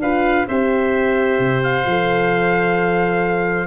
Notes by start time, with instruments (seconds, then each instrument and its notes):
0.00 tuba D4, horn F4, oboe B4, trumpet F5
0.48 tuba C4, horn G4, oboe C5, trumpet E5
1.39 tuba C3
1.64 trumpet F5
1.86 tuba F3, horn A4